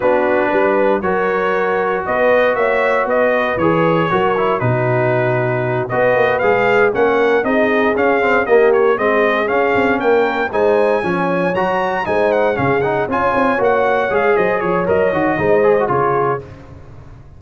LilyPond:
<<
  \new Staff \with { instrumentName = "trumpet" } { \time 4/4 \tempo 4 = 117 b'2 cis''2 | dis''4 e''4 dis''4 cis''4~ | cis''4 b'2~ b'8 dis''8~ | dis''8 f''4 fis''4 dis''4 f''8~ |
f''8 dis''8 cis''8 dis''4 f''4 g''8~ | g''8 gis''2 ais''4 gis''8 | fis''8 f''8 fis''8 gis''4 fis''4 f''8 | dis''8 cis''8 dis''2 cis''4 | }
  \new Staff \with { instrumentName = "horn" } { \time 4/4 fis'4 b'4 ais'2 | b'4 cis''4 b'2 | ais'4 fis'2~ fis'8 b'8~ | b'4. ais'4 gis'4.~ |
gis'8 g'4 gis'2 ais'8~ | ais'8 c''4 cis''2 c''8~ | c''8 gis'4 cis''2~ cis''8 | c''8 cis''4. c''4 gis'4 | }
  \new Staff \with { instrumentName = "trombone" } { \time 4/4 d'2 fis'2~ | fis'2. gis'4 | fis'8 e'8 dis'2~ dis'8 fis'8~ | fis'8 gis'4 cis'4 dis'4 cis'8 |
c'8 ais4 c'4 cis'4.~ | cis'8 dis'4 cis'4 fis'4 dis'8~ | dis'8 cis'8 dis'8 f'4 fis'4 gis'8~ | gis'4 ais'8 fis'8 dis'8 gis'16 fis'16 f'4 | }
  \new Staff \with { instrumentName = "tuba" } { \time 4/4 b4 g4 fis2 | b4 ais4 b4 e4 | fis4 b,2~ b,8 b8 | ais8 gis4 ais4 c'4 cis'8~ |
cis'8 ais4 gis4 cis'8 c'8 ais8~ | ais8 gis4 f4 fis4 gis8~ | gis8 cis4 cis'8 c'8 ais4 gis8 | fis8 f8 fis8 dis8 gis4 cis4 | }
>>